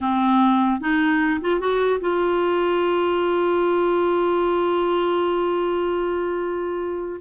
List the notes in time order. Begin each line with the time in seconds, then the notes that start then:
0.00 C4
0.80 D#4
1.41 F4
1.60 F#4
2.00 F4